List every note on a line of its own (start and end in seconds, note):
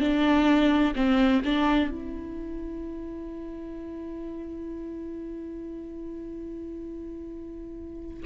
0.00 0.94 D4
0.96 1.43 C4
1.45 1.90 D4
1.90 8.23 E4